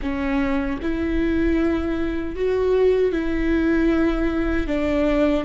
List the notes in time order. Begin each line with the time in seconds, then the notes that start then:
0.02 C#4
0.82 E4
2.36 F#4
3.12 E4
4.67 D4